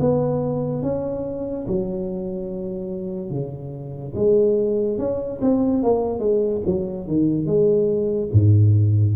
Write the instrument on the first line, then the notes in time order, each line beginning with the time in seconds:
tuba
0.00 B3
0.83 C#4
1.67 F#3
3.30 C#3
4.15 G#3
4.98 C#4
5.42 C4
5.83 A#3
6.20 G#3
6.66 F#3
7.07 D#3
7.46 G#3
8.33 G#2